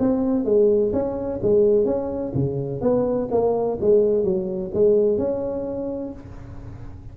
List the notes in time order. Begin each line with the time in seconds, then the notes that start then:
0.00 C4
0.45 G#3
0.93 C#4
1.43 G#3
1.86 C#4
2.35 C#3
2.82 B3
3.32 A#3
3.81 G#3
4.24 F#3
4.74 G#3
5.19 C#4